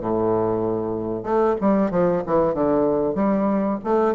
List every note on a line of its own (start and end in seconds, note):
0.00 1.23 A2
1.23 1.55 A3
1.60 1.91 G3
1.91 2.23 F3
2.26 2.54 E3
2.54 3.15 D3
3.15 3.79 G3
3.84 4.15 A3